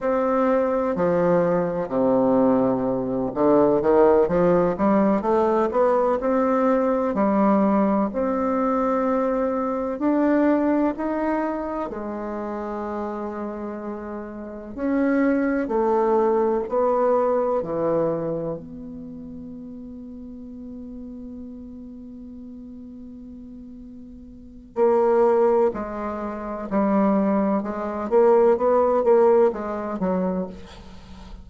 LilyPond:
\new Staff \with { instrumentName = "bassoon" } { \time 4/4 \tempo 4 = 63 c'4 f4 c4. d8 | dis8 f8 g8 a8 b8 c'4 g8~ | g8 c'2 d'4 dis'8~ | dis'8 gis2. cis'8~ |
cis'8 a4 b4 e4 b8~ | b1~ | b2 ais4 gis4 | g4 gis8 ais8 b8 ais8 gis8 fis8 | }